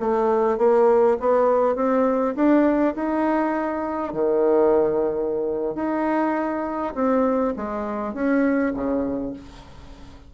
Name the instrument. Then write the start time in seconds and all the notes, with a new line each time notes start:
bassoon
0.00 A3
0.58 A#3
1.20 B3
1.76 C4
2.36 D4
2.95 D#4
4.13 D#3
5.75 D#4
6.95 C4
7.56 G#3
8.14 C#4
8.74 C#3